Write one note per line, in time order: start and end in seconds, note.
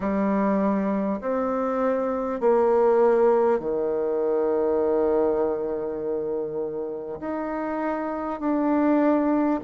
0.00 1.20 G3
1.21 2.40 C4
2.40 3.59 A#3
3.59 7.19 D#3
7.19 8.39 D#4
8.39 9.59 D4